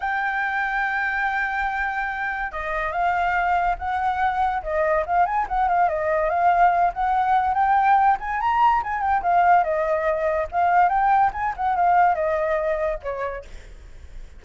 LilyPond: \new Staff \with { instrumentName = "flute" } { \time 4/4 \tempo 4 = 143 g''1~ | g''2 dis''4 f''4~ | f''4 fis''2 dis''4 | f''8 gis''8 fis''8 f''8 dis''4 f''4~ |
f''8 fis''4. g''4. gis''8 | ais''4 gis''8 g''8 f''4 dis''4~ | dis''4 f''4 g''4 gis''8 fis''8 | f''4 dis''2 cis''4 | }